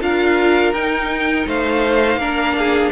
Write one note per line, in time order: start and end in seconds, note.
0.00 0.73 D4
0.00 0.73 F4
0.00 1.47 A#4
0.00 0.73 F5
0.73 1.46 D#4
0.73 2.20 D#4
0.73 1.46 G5
1.46 2.16 A3
1.46 2.18 C5
1.46 2.92 F5
2.16 2.89 A#3
2.16 2.92 D4
2.16 2.55 A#4
2.58 2.92 G#4